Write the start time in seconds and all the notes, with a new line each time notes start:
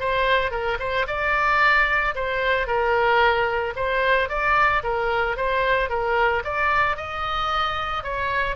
0.00 C5
0.51 A#4
0.80 C5
1.08 D5
2.15 C5
2.67 A#4
3.76 C5
4.29 D5
4.84 A#4
5.37 C5
5.90 A#4
6.45 D5
6.97 D#5
8.04 C#5